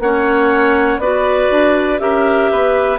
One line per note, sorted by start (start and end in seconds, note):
0.00 0.98 A#3
0.00 1.03 C#4
0.00 1.01 C#5
0.00 1.00 F#5
0.98 1.48 B3
0.98 1.99 F#4
0.98 2.01 B4
0.98 2.00 D5
1.51 2.00 D4
1.99 2.50 C#4
1.99 2.99 G4
1.99 2.52 A#4
1.99 3.00 E5
2.52 3.00 B3
2.52 3.00 B4